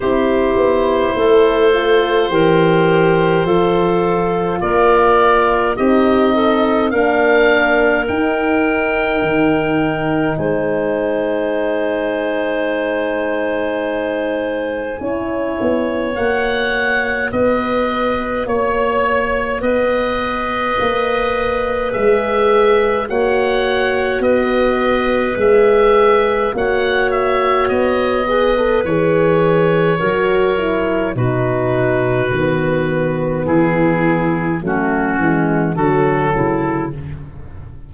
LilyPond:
<<
  \new Staff \with { instrumentName = "oboe" } { \time 4/4 \tempo 4 = 52 c''1 | d''4 dis''4 f''4 g''4~ | g''4 gis''2.~ | gis''2 fis''4 dis''4 |
cis''4 dis''2 e''4 | fis''4 dis''4 e''4 fis''8 e''8 | dis''4 cis''2 b'4~ | b'4 gis'4 fis'4 a'4 | }
  \new Staff \with { instrumentName = "clarinet" } { \time 4/4 g'4 a'4 ais'4 a'4 | ais'4 g'8 a'8 ais'2~ | ais'4 c''2.~ | c''4 cis''2 b'4 |
cis''4 b'2. | cis''4 b'2 cis''4~ | cis''8 b'4. ais'4 fis'4~ | fis'4 e'4 cis'4 fis'8 e'8 | }
  \new Staff \with { instrumentName = "horn" } { \time 4/4 e'4. f'8 g'4 f'4~ | f'4 dis'4 d'4 dis'4~ | dis'1~ | dis'4 e'4 fis'2~ |
fis'2. gis'4 | fis'2 gis'4 fis'4~ | fis'8 gis'16 a'16 gis'4 fis'8 e'8 dis'4 | b2 a8 gis8 fis4 | }
  \new Staff \with { instrumentName = "tuba" } { \time 4/4 c'8 b8 a4 e4 f4 | ais4 c'4 ais4 dis'4 | dis4 gis2.~ | gis4 cis'8 b8 ais4 b4 |
ais4 b4 ais4 gis4 | ais4 b4 gis4 ais4 | b4 e4 fis4 b,4 | dis4 e4 fis8 e8 d8 cis8 | }
>>